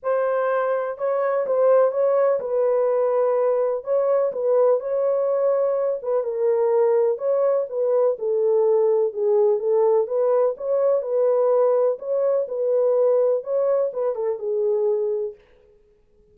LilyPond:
\new Staff \with { instrumentName = "horn" } { \time 4/4 \tempo 4 = 125 c''2 cis''4 c''4 | cis''4 b'2. | cis''4 b'4 cis''2~ | cis''8 b'8 ais'2 cis''4 |
b'4 a'2 gis'4 | a'4 b'4 cis''4 b'4~ | b'4 cis''4 b'2 | cis''4 b'8 a'8 gis'2 | }